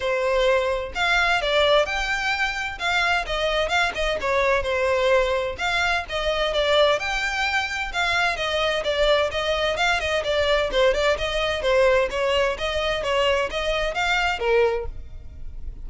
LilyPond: \new Staff \with { instrumentName = "violin" } { \time 4/4 \tempo 4 = 129 c''2 f''4 d''4 | g''2 f''4 dis''4 | f''8 dis''8 cis''4 c''2 | f''4 dis''4 d''4 g''4~ |
g''4 f''4 dis''4 d''4 | dis''4 f''8 dis''8 d''4 c''8 d''8 | dis''4 c''4 cis''4 dis''4 | cis''4 dis''4 f''4 ais'4 | }